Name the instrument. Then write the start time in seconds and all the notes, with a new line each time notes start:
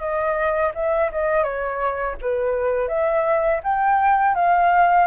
flute
0.00 D#5
0.75 E5
1.12 D#5
1.43 C#5
2.21 B4
2.88 E5
3.64 G5
4.35 F5